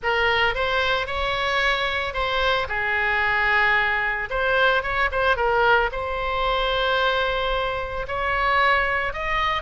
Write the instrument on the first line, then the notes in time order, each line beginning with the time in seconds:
oboe
0.02 A#4
0.55 C5
1.06 C#5
2.13 C5
2.68 G#4
4.30 C5
4.82 C#5
5.11 C5
5.36 A#4
5.91 C5
8.07 C#5
9.13 D#5